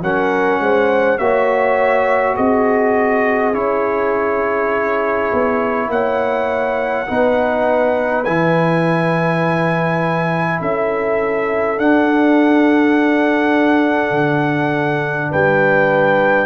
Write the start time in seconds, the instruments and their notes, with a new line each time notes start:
0.00 tuba F#3, trombone C#4, horn A#4, trumpet F#5
0.59 tuba G#3, horn C5
1.18 tuba A#3, trombone F#4, horn C#5, trumpet E5
2.34 tuba C4, horn G#4, trumpet D#5
3.53 tuba C#4, trombone E4, trumpet C#5
5.32 tuba B3
5.87 tuba A#3, horn C#5, trumpet F#5
7.07 tuba B3, trombone D#4, horn B4
8.24 tuba E3, trombone E4, trumpet G#5
10.59 tuba C#4, horn A4, trumpet E5
11.77 trombone D4, tuba D4, trumpet F#5
14.10 tuba D3
15.30 tuba G3, horn B4, trumpet G5